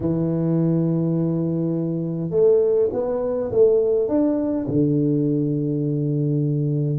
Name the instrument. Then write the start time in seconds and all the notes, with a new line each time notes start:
tuba
0.00 E3
2.30 A3
2.93 B3
3.51 A3
4.08 D4
4.67 D3